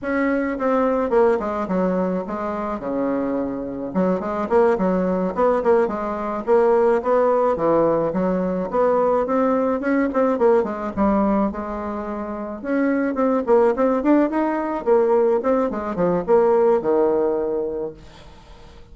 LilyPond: \new Staff \with { instrumentName = "bassoon" } { \time 4/4 \tempo 4 = 107 cis'4 c'4 ais8 gis8 fis4 | gis4 cis2 fis8 gis8 | ais8 fis4 b8 ais8 gis4 ais8~ | ais8 b4 e4 fis4 b8~ |
b8 c'4 cis'8 c'8 ais8 gis8 g8~ | g8 gis2 cis'4 c'8 | ais8 c'8 d'8 dis'4 ais4 c'8 | gis8 f8 ais4 dis2 | }